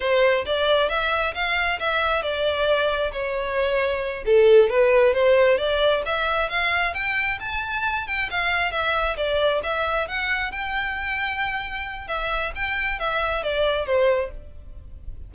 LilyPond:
\new Staff \with { instrumentName = "violin" } { \time 4/4 \tempo 4 = 134 c''4 d''4 e''4 f''4 | e''4 d''2 cis''4~ | cis''4. a'4 b'4 c''8~ | c''8 d''4 e''4 f''4 g''8~ |
g''8 a''4. g''8 f''4 e''8~ | e''8 d''4 e''4 fis''4 g''8~ | g''2. e''4 | g''4 e''4 d''4 c''4 | }